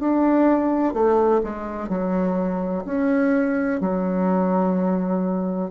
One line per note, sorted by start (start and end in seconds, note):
0.00 0.94 D4
0.94 1.42 A3
1.44 1.89 G#3
1.89 2.84 F#3
2.86 3.81 C#4
3.81 5.71 F#3